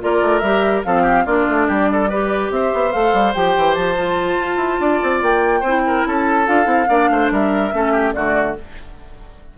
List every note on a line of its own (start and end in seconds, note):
0.00 0.22 A#3
0.00 0.42 F4
0.00 0.86 A#4
0.00 0.39 D5
0.22 0.41 A3
0.39 0.83 G3
0.39 0.85 G4
0.39 0.80 E5
0.84 1.26 F3
0.84 1.26 C4
0.84 1.02 A4
0.84 1.25 F5
1.02 1.23 G4
1.25 1.47 A#3
1.25 2.10 D4
1.25 1.67 F4
1.25 2.50 D5
1.49 1.68 A3
1.67 2.50 G3
1.67 1.88 G4
1.92 2.09 A4
2.09 2.91 G4
2.09 2.51 B4
2.50 2.71 C4
2.50 4.81 C5
2.50 2.92 E5
2.73 2.94 B3
2.91 3.13 A3
2.91 3.33 A4
2.91 3.33 F5
3.13 3.34 G3
3.34 3.56 F3
3.34 3.96 G4
3.34 3.74 G5
3.57 3.76 E3
3.74 4.38 F3
3.74 5.20 A5
3.96 5.63 F4
4.38 4.56 F4
4.56 4.77 E4
4.80 5.01 D4
4.80 5.60 D5
5.03 5.22 C4
5.22 5.62 A#3
5.22 6.06 G5
5.60 6.04 C4
5.60 5.81 C5
5.67 6.46 E4
5.87 6.07 A#4
6.07 6.48 C#4
6.07 6.89 A4
6.07 6.47 A5
6.46 6.66 D4
6.46 6.64 F4
6.46 7.30 F5
6.64 6.87 C4
6.64 6.85 E4
6.89 7.10 A#3
6.89 7.72 D4
6.89 7.10 D5
7.10 7.31 A3
7.10 7.32 C5
7.31 7.73 G3
7.31 7.74 A#4
7.31 8.13 E5
7.72 8.15 A3
7.72 8.14 C#4
7.72 7.92 A4
7.92 8.13 G4
8.13 8.58 D3
8.13 8.55 A3
8.13 8.57 F#4
8.13 8.55 D5